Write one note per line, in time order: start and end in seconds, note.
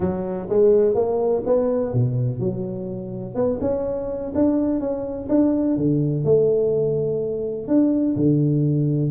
0.00 0.48 F#3
0.49 0.94 G#3
0.94 1.42 A#3
1.45 1.93 B3
1.93 2.39 B2
2.39 3.34 F#3
3.34 3.58 B3
3.60 4.32 C#4
4.34 4.80 D4
4.80 5.28 C#4
5.28 5.76 D4
5.76 6.24 D3
6.24 7.67 A3
7.67 8.15 D4
8.16 9.11 D3